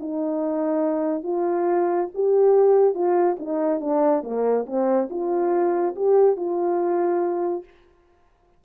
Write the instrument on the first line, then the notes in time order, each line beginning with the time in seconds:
horn
0.00 D#4
1.23 F4
2.15 G4
2.94 F4
3.39 D#4
3.81 D4
4.23 A#3
4.66 C4
5.10 F4
5.96 G4
6.36 F4